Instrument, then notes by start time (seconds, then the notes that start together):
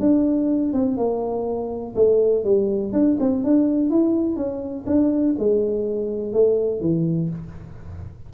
tuba
0.00 D4
0.73 C4
0.97 A#3
1.96 A3
2.45 G3
2.93 D4
3.20 C4
3.44 D4
3.90 E4
4.37 C#4
4.87 D4
5.39 G#3
6.33 A3
6.81 E3